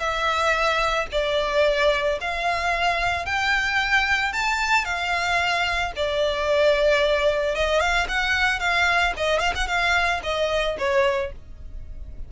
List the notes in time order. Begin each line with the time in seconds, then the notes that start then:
0.00 E5
1.12 D5
2.21 F5
3.26 G5
4.33 A5
4.85 F5
5.96 D5
7.56 D#5
7.80 F5
8.09 F#5
8.60 F5
9.18 D#5
9.40 F5
9.56 F#5
9.68 F5
10.24 D#5
10.79 C#5